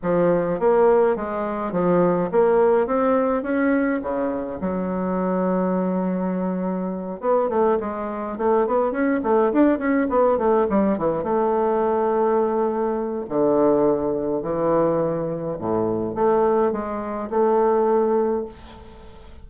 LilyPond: \new Staff \with { instrumentName = "bassoon" } { \time 4/4 \tempo 4 = 104 f4 ais4 gis4 f4 | ais4 c'4 cis'4 cis4 | fis1~ | fis8 b8 a8 gis4 a8 b8 cis'8 |
a8 d'8 cis'8 b8 a8 g8 e8 a8~ | a2. d4~ | d4 e2 a,4 | a4 gis4 a2 | }